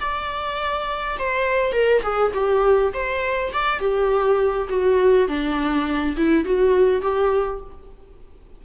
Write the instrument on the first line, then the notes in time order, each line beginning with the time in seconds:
viola
0.00 D5
1.19 C5
1.72 A#4
2.03 G#4
2.33 G4
2.94 C5
3.53 D5
3.80 G4
4.69 F#4
5.28 D4
6.17 E4
6.45 F#4
7.02 G4